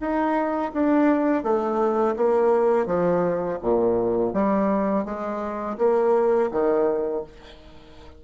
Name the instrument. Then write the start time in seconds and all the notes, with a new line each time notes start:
bassoon
0.00 D#4
0.73 D4
1.43 A3
2.16 A#3
2.86 F3
3.62 A#2
4.33 G3
5.05 G#3
5.78 A#3
6.52 D#3